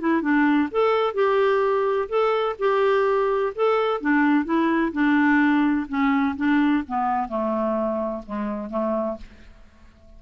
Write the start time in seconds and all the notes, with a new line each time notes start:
0.00 E4
0.22 D4
0.71 A4
1.14 G4
2.09 A4
2.59 G4
3.55 A4
4.01 D4
4.45 E4
4.93 D4
5.88 C#4
6.37 D4
6.88 B3
7.29 A3
8.26 G#3
8.70 A3